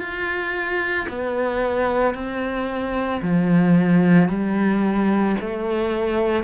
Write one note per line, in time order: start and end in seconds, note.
0.00 1.07 F4
1.09 2.14 B3
2.14 3.21 C4
3.22 4.29 F3
4.29 5.36 G3
5.41 6.44 A3